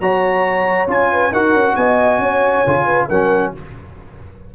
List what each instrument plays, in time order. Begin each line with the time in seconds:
0.00 tuba F#3, trombone F#4, horn C#5, trumpet A#5
0.87 tuba C#4, trombone F4, trumpet G#5
1.11 horn B4
1.32 tuba D#4, trombone F#4, horn A#4, trumpet F#5
1.53 tuba C#4
1.76 tuba B3, horn D#5, trumpet G#5
2.19 tuba C#4, horn C#5
2.66 tuba C#3, trombone F4
2.85 horn B4
3.09 tuba F#3, trombone C#4, horn A#4, trumpet F#5